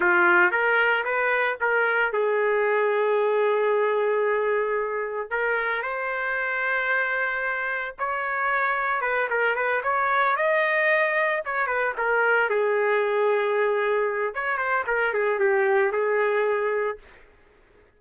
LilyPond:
\new Staff \with { instrumentName = "trumpet" } { \time 4/4 \tempo 4 = 113 f'4 ais'4 b'4 ais'4 | gis'1~ | gis'2 ais'4 c''4~ | c''2. cis''4~ |
cis''4 b'8 ais'8 b'8 cis''4 dis''8~ | dis''4. cis''8 b'8 ais'4 gis'8~ | gis'2. cis''8 c''8 | ais'8 gis'8 g'4 gis'2 | }